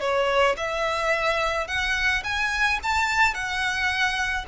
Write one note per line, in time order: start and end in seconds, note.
0.00 0.56 C#5
0.57 1.67 E5
1.67 2.23 F#5
2.24 2.79 G#5
2.83 3.34 A5
3.34 4.45 F#5